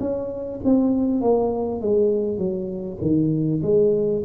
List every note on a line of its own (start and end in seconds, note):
0.00 0.60 C#4
0.64 1.22 C4
1.22 1.81 A#3
1.81 2.38 G#3
2.38 2.98 F#3
3.02 3.62 D#3
3.63 4.23 G#3